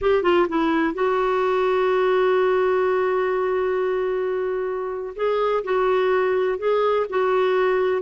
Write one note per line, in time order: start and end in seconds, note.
0.01 0.23 G4
0.23 0.47 F4
0.48 0.94 E4
0.94 5.14 F#4
5.15 5.63 G#4
5.64 6.58 F#4
6.58 7.06 G#4
7.09 8.02 F#4